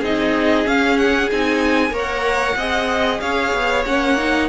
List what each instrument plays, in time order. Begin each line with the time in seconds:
0.00 cello C4, viola D#4, violin G#4 D#5
0.66 viola C#4, cello C#4, violin F5
0.98 violin F#5
1.32 cello C4, viola D#4, violin G#5
1.91 cello A#3, viola A#4, violin C#5
1.99 violin F#5
2.57 cello C4, viola G#4, violin D#5
3.21 cello C#4, violin C#5 F5
3.54 cello B3
3.86 cello A#3, viola C#4, violin F#5
4.18 viola D#4